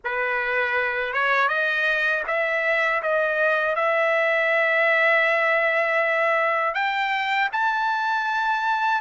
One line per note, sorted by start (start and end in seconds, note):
0.04 1.13 B4
1.13 1.48 C#5
1.48 2.23 D#5
2.27 3.02 E5
3.02 3.75 D#5
3.75 6.74 E5
6.74 7.49 G5
7.52 9.01 A5